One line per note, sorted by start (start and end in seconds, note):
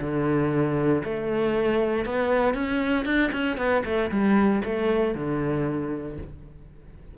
0.00 1.03 D3
1.04 2.05 A3
2.05 2.54 B3
2.54 3.05 C#4
3.05 3.31 D4
3.32 3.57 C#4
3.57 3.83 B3
3.85 4.10 A3
4.11 4.62 G3
4.64 5.14 A3
5.14 6.17 D3